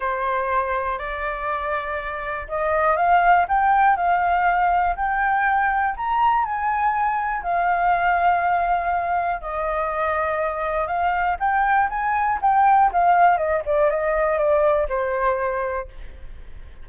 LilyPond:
\new Staff \with { instrumentName = "flute" } { \time 4/4 \tempo 4 = 121 c''2 d''2~ | d''4 dis''4 f''4 g''4 | f''2 g''2 | ais''4 gis''2 f''4~ |
f''2. dis''4~ | dis''2 f''4 g''4 | gis''4 g''4 f''4 dis''8 d''8 | dis''4 d''4 c''2 | }